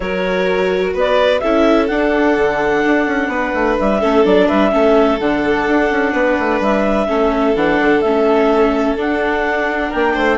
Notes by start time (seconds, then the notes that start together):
0.00 F#3 F#4 A#4 C#5
0.93 B3 B4 D5
1.39 C#4 E4 A4 E5
1.87 D4 F#5
2.37 D3
2.85 D4
3.07 C#4
3.27 B3 B4
3.53 A3
3.79 G3 E5
4.00 A3 C#4 A4
4.24 F#3 D4 D5
4.47 G3 B4 E5
4.71 A3 C#4 A4
5.19 D3 D4 F#5
5.68 D4
5.90 C#4
6.12 B3 B4
6.39 A3
6.59 G3 E5
7.07 A3 C#4 A4
7.55 E3 D4 F#5
7.80 D3
8.01 A3 C#4 E5
8.95 D4 F#5
9.88 A#3 A#4 G5
10.14 A3 C5